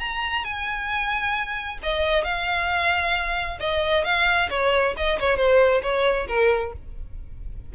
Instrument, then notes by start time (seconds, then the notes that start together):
violin
0.00 A#5
0.45 G#5
1.83 D#5
2.24 F5
3.60 D#5
4.05 F5
4.51 C#5
4.97 D#5
5.20 C#5
5.37 C5
5.83 C#5
6.28 A#4